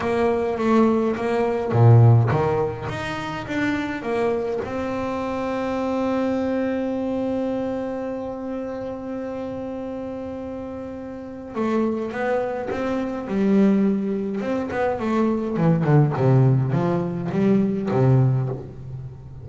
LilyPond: \new Staff \with { instrumentName = "double bass" } { \time 4/4 \tempo 4 = 104 ais4 a4 ais4 ais,4 | dis4 dis'4 d'4 ais4 | c'1~ | c'1~ |
c'1 | a4 b4 c'4 g4~ | g4 c'8 b8 a4 e8 d8 | c4 f4 g4 c4 | }